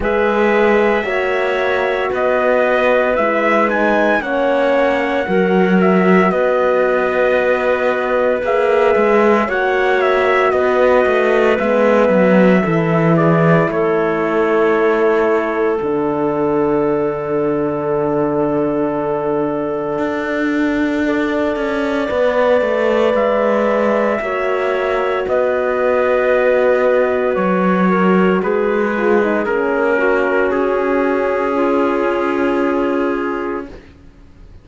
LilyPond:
<<
  \new Staff \with { instrumentName = "trumpet" } { \time 4/4 \tempo 4 = 57 e''2 dis''4 e''8 gis''8 | fis''4. e''8 dis''2 | e''4 fis''8 e''8 dis''4 e''4~ | e''8 d''8 cis''2 fis''4~ |
fis''1~ | fis''2 e''2 | dis''2 cis''4 b'4 | ais'4 gis'2. | }
  \new Staff \with { instrumentName = "clarinet" } { \time 4/4 b'4 cis''4 b'2 | cis''4 ais'4 b'2~ | b'4 cis''4 b'2 | a'8 gis'8 a'2.~ |
a'1 | d''2. cis''4 | b'2~ b'8 ais'8 gis'4~ | gis'8 fis'4. f'2 | }
  \new Staff \with { instrumentName = "horn" } { \time 4/4 gis'4 fis'2 e'8 dis'8 | cis'4 fis'2. | gis'4 fis'2 b4 | e'2. d'4~ |
d'1 | a'4 b'2 fis'4~ | fis'2.~ fis'8 f'16 dis'16 | cis'1 | }
  \new Staff \with { instrumentName = "cello" } { \time 4/4 gis4 ais4 b4 gis4 | ais4 fis4 b2 | ais8 gis8 ais4 b8 a8 gis8 fis8 | e4 a2 d4~ |
d2. d'4~ | d'8 cis'8 b8 a8 gis4 ais4 | b2 fis4 gis4 | ais4 cis'2. | }
>>